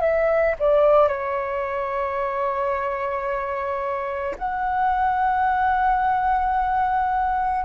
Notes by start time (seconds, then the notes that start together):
0.00 E5
0.59 D5
1.08 C#5
4.38 F#5